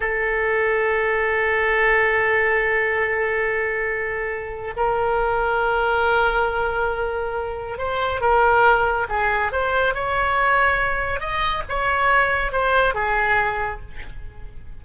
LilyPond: \new Staff \with { instrumentName = "oboe" } { \time 4/4 \tempo 4 = 139 a'1~ | a'1~ | a'2. ais'4~ | ais'1~ |
ais'2 c''4 ais'4~ | ais'4 gis'4 c''4 cis''4~ | cis''2 dis''4 cis''4~ | cis''4 c''4 gis'2 | }